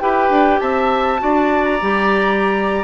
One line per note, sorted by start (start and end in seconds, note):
0.00 0.30 E4
0.00 1.19 G4
0.00 0.61 B4
0.00 0.60 G5
0.30 0.60 D4
0.60 1.22 C4
0.60 1.21 E5
0.60 1.65 A5
1.19 1.82 D4
1.19 1.79 F#4
1.19 2.85 D5
1.65 2.85 A#5
1.82 2.85 G3
1.82 2.85 G4